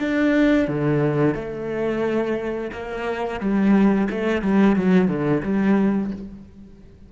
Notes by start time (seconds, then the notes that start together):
0.00 D4
0.68 D3
1.35 A3
2.72 A#3
3.40 G3
4.10 A3
4.42 G3
4.76 F#3
5.08 D3
5.43 G3